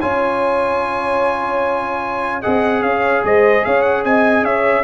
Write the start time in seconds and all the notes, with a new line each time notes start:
0.00 C#4 F4 C#5 G#5
2.40 G#4 D#5 F#5
2.46 C4
2.82 C#4 C#5 F5
3.24 G#3 C5 D#5
3.64 C#4 C#5 F5
3.82 F#5
4.04 C4 D#5 G#5
4.42 C#4 C#5 E5